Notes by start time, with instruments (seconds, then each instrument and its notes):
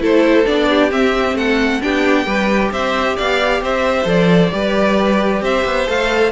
0.00 cello A3, viola E4, violin A4 C5
0.46 cello B3, viola D4, violin D5
0.69 violin G4
0.91 viola C4, cello C4, violin E5
1.34 cello A3, violin A4 F#5
1.81 cello B3, viola D4, violin G4 G5
2.26 cello G3, viola G4, violin B4
2.72 cello C4, violin C5 E5
3.16 cello B3, violin D5 F5
3.62 cello C4, violin C5 E5
4.05 cello F3, viola A4, violin D5
4.53 cello G3, viola G4, violin B4
5.42 cello C4, violin C5 E5
5.65 cello B3
5.86 cello A3, viola A4, violin F5